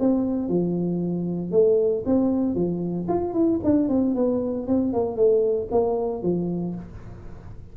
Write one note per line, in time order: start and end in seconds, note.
0.00 0.48 C4
0.48 1.52 F3
1.52 2.04 A3
2.06 2.55 C4
2.55 3.07 F3
3.08 3.34 F4
3.34 3.60 E4
3.64 3.89 D4
3.89 4.15 C4
4.15 4.67 B3
4.67 4.93 C4
4.93 5.16 A#3
5.16 5.68 A3
5.71 6.23 A#3
6.23 6.75 F3